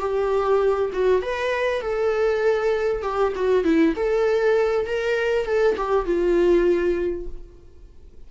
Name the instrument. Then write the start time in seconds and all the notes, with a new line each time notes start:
viola
0.00 G4
0.93 F#4
1.22 B4
1.81 A4
3.02 G4
3.36 F#4
3.64 E4
3.96 A4
4.86 A#4
5.46 A4
5.77 G4
6.06 F4